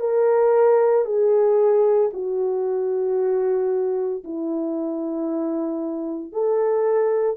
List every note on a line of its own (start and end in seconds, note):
0.00 1.05 A#4
1.05 2.11 G#4
2.13 4.24 F#4
4.24 6.33 E4
6.33 7.37 A4